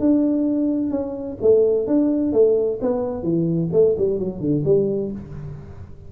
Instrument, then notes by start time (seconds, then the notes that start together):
tuba
0.00 D4
0.91 C#4
1.41 A3
1.87 D4
2.33 A3
2.81 B3
3.23 E3
3.73 A3
3.99 G3
4.19 F#3
4.40 D3
4.65 G3